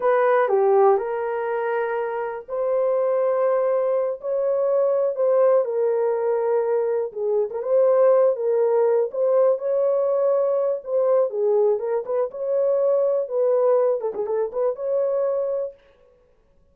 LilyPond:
\new Staff \with { instrumentName = "horn" } { \time 4/4 \tempo 4 = 122 b'4 g'4 ais'2~ | ais'4 c''2.~ | c''8 cis''2 c''4 ais'8~ | ais'2~ ais'8 gis'8. ais'16 c''8~ |
c''4 ais'4. c''4 cis''8~ | cis''2 c''4 gis'4 | ais'8 b'8 cis''2 b'4~ | b'8 a'16 gis'16 a'8 b'8 cis''2 | }